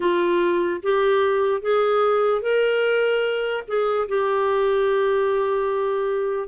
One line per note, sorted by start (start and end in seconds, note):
0.00 0.81 F4
0.83 1.61 G4
1.61 2.41 G#4
2.41 3.63 A#4
3.67 4.08 G#4
4.08 6.48 G4